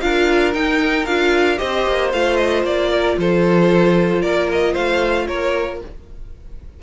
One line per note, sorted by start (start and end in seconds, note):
0.00 0.54 D4
0.00 0.52 F4
0.00 1.58 A#4
0.00 0.53 F5
0.52 1.05 D#4
0.52 1.06 D#4
0.52 1.05 G5
1.05 1.58 D4
1.05 1.57 F4
1.05 1.58 F5
1.57 1.87 C4
1.57 2.09 G4
1.57 2.90 C5
1.57 2.10 D#5
1.87 2.13 A#3
2.12 2.64 A3
2.12 5.82 F4
2.12 2.36 F5
2.36 2.63 D#5
2.64 3.16 A#3
2.64 3.18 D5
2.90 3.16 A#4
3.17 4.22 F3
3.17 4.21 A4
3.17 4.22 C5
4.21 4.75 A#3
4.21 4.73 A#4
4.21 4.48 D5
4.52 4.74 D#5
4.73 5.28 A3
4.73 5.25 C5
4.73 5.27 F5
5.27 5.81 A#3
5.27 5.80 A#4
5.27 5.79 C#5